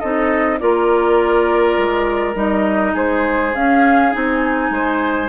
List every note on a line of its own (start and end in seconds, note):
0.00 0.61 C4
0.00 0.60 D#4
0.00 0.59 A4
0.00 0.59 D#5
0.60 1.78 A#3
0.60 2.35 F4
0.60 2.94 A#4
0.60 2.36 D5
1.78 2.35 G#3
2.35 2.94 G3
2.35 3.52 D#4
2.35 2.95 D#5
2.94 3.54 G#3
2.94 4.70 G#4
2.94 3.55 C5
3.55 4.14 C#4
3.55 4.12 C#4
3.55 4.14 F5
4.12 4.70 C4
4.12 5.29 D#4
4.12 5.29 G#5
4.70 5.29 G#3
4.70 5.29 C5